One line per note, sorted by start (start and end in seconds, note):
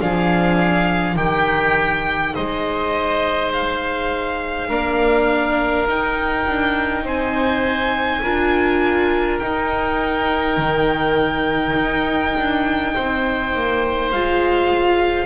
0.00 1.16 F3
0.00 1.17 D4
0.00 1.16 G#4
0.00 1.17 F5
1.16 2.34 D#3
1.16 4.70 D#4
1.16 2.33 G4
1.16 2.34 G5
2.34 4.70 G#3
2.34 4.68 C5
2.34 3.51 D#5
3.52 5.88 F5
4.68 5.87 A#3
4.68 5.87 D4
4.68 7.04 A#4
5.87 6.46 D#4
5.87 8.23 D#4
5.87 7.07 G5
6.47 7.03 D4
7.03 8.21 C4
7.03 8.22 C5
7.03 9.39 G#5
8.23 9.41 D4
8.23 9.41 F4
8.23 12.93 A#4
9.39 14.12 D#4
9.39 10.57 D#4
9.39 14.09 G5
10.57 11.75 D#3
11.75 12.34 D#4
12.37 12.95 D4
12.94 13.54 C4
12.94 15.26 C5
13.54 14.12 A#3
14.11 15.26 G#3
14.11 15.26 F4
14.11 15.26 F5